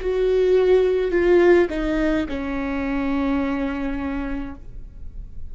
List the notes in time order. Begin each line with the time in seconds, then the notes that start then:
0.00 F#4
1.11 F4
1.70 D#4
2.28 C#4